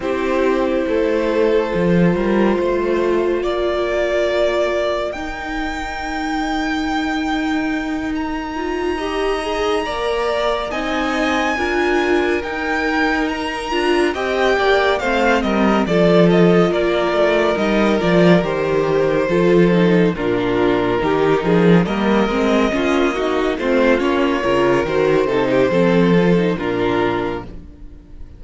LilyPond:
<<
  \new Staff \with { instrumentName = "violin" } { \time 4/4 \tempo 4 = 70 c''1 | d''2 g''2~ | g''4. ais''2~ ais''8~ | ais''8 gis''2 g''4 ais''8~ |
ais''8 g''4 f''8 dis''8 d''8 dis''8 d''8~ | d''8 dis''8 d''8 c''2 ais'8~ | ais'4. dis''2 c''8 | cis''4 c''2 ais'4 | }
  \new Staff \with { instrumentName = "violin" } { \time 4/4 g'4 a'4. ais'8 c''4 | ais'1~ | ais'2~ ais'8 dis''4 d''8~ | d''8 dis''4 ais'2~ ais'8~ |
ais'8 dis''8 d''8 c''8 ais'8 a'4 ais'8~ | ais'2~ ais'8 a'4 f'8~ | f'8 g'8 gis'8 ais'4 f'8 fis'8 f'8~ | f'8 ais'4 a'16 g'16 a'4 f'4 | }
  \new Staff \with { instrumentName = "viola" } { \time 4/4 e'2 f'2~ | f'2 dis'2~ | dis'2 f'8 g'8 gis'8 ais'8~ | ais'8 dis'4 f'4 dis'4. |
f'8 g'4 c'4 f'4.~ | f'8 dis'8 f'8 g'4 f'8 dis'8 d'8~ | d'8 dis'4 ais8 c'8 cis'8 dis'8 c'8 | cis'8 f'8 fis'8 dis'8 c'8 f'16 dis'16 d'4 | }
  \new Staff \with { instrumentName = "cello" } { \time 4/4 c'4 a4 f8 g8 a4 | ais2 dis'2~ | dis'2.~ dis'8 ais8~ | ais8 c'4 d'4 dis'4. |
d'8 c'8 ais8 a8 g8 f4 ais8 | a8 g8 f8 dis4 f4 ais,8~ | ais,8 dis8 f8 g8 gis8 ais4 a8 | ais8 cis8 dis8 c8 f4 ais,4 | }
>>